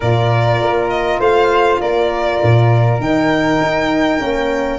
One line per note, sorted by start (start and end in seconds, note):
0.00 0.60 A#2
0.00 3.01 F4
0.00 1.19 A#4
0.00 0.89 D5
0.60 1.19 A#3
0.89 1.19 D#5
1.19 1.79 A3
1.19 1.79 C5
1.19 1.80 F5
1.80 2.41 A#3
1.80 4.79 A#4
1.80 3.00 D5
2.42 2.99 A#2
2.99 3.59 D#3
2.99 4.19 D#4
2.99 4.79 G5
3.60 4.20 D#4
4.19 4.79 A#3
4.19 4.79 C#4